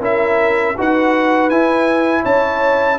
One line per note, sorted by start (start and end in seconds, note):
0.00 0.74 C#4
0.00 0.75 E4
0.00 0.75 A#4
0.00 0.78 E5
0.77 1.49 D#4
0.77 1.50 F#4
0.77 2.22 B4
0.77 1.49 F#5
1.49 2.23 E4
1.49 2.98 E4
1.49 2.23 G#5
2.22 2.98 C#4
2.22 2.96 C#5
2.22 2.98 A5